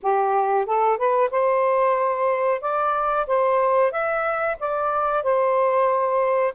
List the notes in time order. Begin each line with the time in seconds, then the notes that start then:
0.02 G4
0.66 A4
0.97 B4
1.30 C5
2.61 D5
3.26 C5
3.91 E5
4.59 D5
5.23 C5